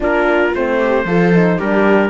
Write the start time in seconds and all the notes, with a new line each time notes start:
0.00 A#3 D4 F4 A#4
0.54 A3 C4 C5
0.79 G4
1.05 F3 F4 A4
1.33 D#4
1.57 G3 D4 G4 A#4